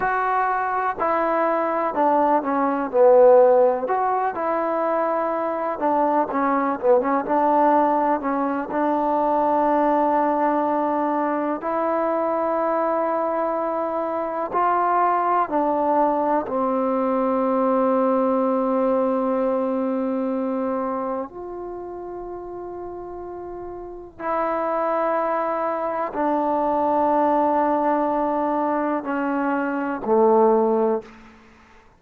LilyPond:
\new Staff \with { instrumentName = "trombone" } { \time 4/4 \tempo 4 = 62 fis'4 e'4 d'8 cis'8 b4 | fis'8 e'4. d'8 cis'8 b16 cis'16 d'8~ | d'8 cis'8 d'2. | e'2. f'4 |
d'4 c'2.~ | c'2 f'2~ | f'4 e'2 d'4~ | d'2 cis'4 a4 | }